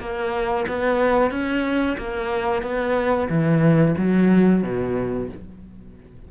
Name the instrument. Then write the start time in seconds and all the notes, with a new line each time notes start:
cello
0.00 A#3
0.68 B3
1.31 C#4
1.98 A#3
2.63 B3
3.29 E3
3.98 F#3
4.63 B2